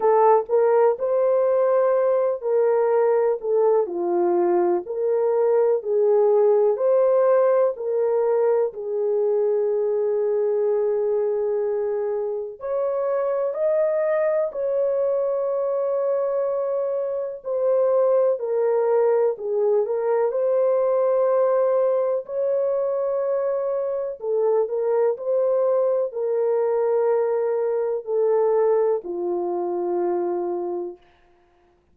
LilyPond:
\new Staff \with { instrumentName = "horn" } { \time 4/4 \tempo 4 = 62 a'8 ais'8 c''4. ais'4 a'8 | f'4 ais'4 gis'4 c''4 | ais'4 gis'2.~ | gis'4 cis''4 dis''4 cis''4~ |
cis''2 c''4 ais'4 | gis'8 ais'8 c''2 cis''4~ | cis''4 a'8 ais'8 c''4 ais'4~ | ais'4 a'4 f'2 | }